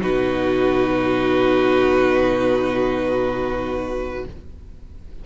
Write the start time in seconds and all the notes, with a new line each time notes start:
0.00 B2 D#4 F#4 B4